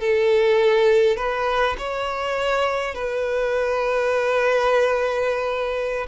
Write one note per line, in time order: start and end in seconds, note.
0.00 1.17 A4
1.17 1.76 B4
1.78 2.95 C#5
2.95 6.07 B4